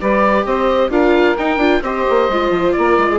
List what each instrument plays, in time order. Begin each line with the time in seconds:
0.00 bassoon G3, viola G4, saxophone B4, oboe D5
0.45 bassoon C4, saxophone C5, oboe D#5
0.90 bassoon D4, viola F4, saxophone A#4, oboe F5
1.37 bassoon D#4, viola D#4, oboe G5
1.57 bassoon D4, viola F4
1.82 bassoon C4, viola G4, saxophone C5, oboe D#5
2.09 bassoon A#3
2.29 bassoon G#3, viola F4
2.50 bassoon F3
2.72 bassoon A#3, saxophone A#4, oboe D5
2.97 bassoon G#3
3.11 saxophone G#4